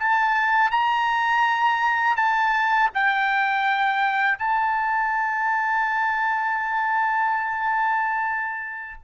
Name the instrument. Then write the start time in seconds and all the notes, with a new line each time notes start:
trumpet
0.00 A5
0.71 A#5
2.16 A5
2.95 G5
4.39 A5